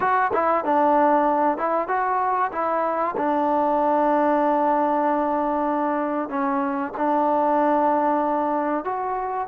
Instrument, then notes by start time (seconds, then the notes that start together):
trombone
0.00 F#4
0.33 E4
0.64 D4
1.57 E4
1.87 F#4
2.51 E4
3.16 D4
6.29 C#4
6.97 D4
8.84 F#4